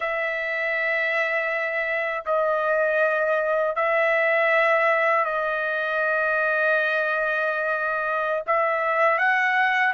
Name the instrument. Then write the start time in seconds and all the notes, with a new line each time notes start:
trumpet
0.00 E5
2.25 D#5
3.75 E5
5.24 D#5
8.46 E5
9.18 F#5